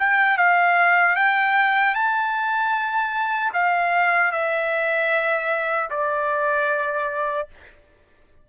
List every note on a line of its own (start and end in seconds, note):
0.00 0.38 G5
0.38 1.16 F5
1.16 1.95 G5
1.95 3.53 A5
3.54 4.32 F5
4.32 5.90 E5
5.91 7.49 D5